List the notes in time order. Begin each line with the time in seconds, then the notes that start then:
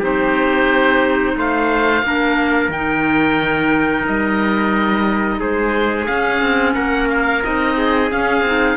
0.00 C4 D#4 G4 C5
1.37 A3 C5 F5
2.03 A#3 D4 A#4
2.69 D#3 D#4 G5
4.07 G3 D#5
5.40 G#3 G#4 C5
6.07 C#4 F5
6.42 C4
6.74 A#3 A#4 F#5
7.11 F5
7.43 C4 D#4 D#5
7.78 G#4
8.11 C#4 F5
8.42 C4 D#4